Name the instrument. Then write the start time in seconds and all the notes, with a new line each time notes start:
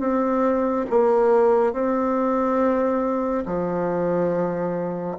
bassoon
0.00 C4
0.90 A#3
1.73 C4
3.46 F3